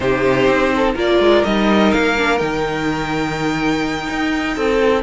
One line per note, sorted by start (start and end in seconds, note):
0.00 0.46 C3
0.00 0.96 D#4
0.00 0.74 G4
0.00 0.95 C5
0.46 0.94 C4
0.75 0.94 A4
0.94 1.19 A#3
0.94 1.44 F4
0.94 4.54 A#4
0.94 1.44 D5
1.19 1.43 G#3
1.44 1.93 G3
1.44 2.16 D#4
1.44 1.92 D#5
1.92 2.41 A#3
1.92 2.38 F5
2.17 2.39 D4
2.38 4.08 D#3
2.38 5.03 D#4
2.38 5.01 G5
4.09 4.56 D#4
4.55 5.03 C4
4.55 5.03 A4